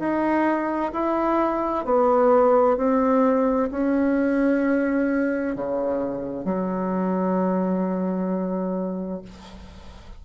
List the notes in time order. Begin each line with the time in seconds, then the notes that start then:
0.00 D#4
0.93 E4
1.85 B3
2.77 C4
3.71 C#4
5.56 C#3
6.45 F#3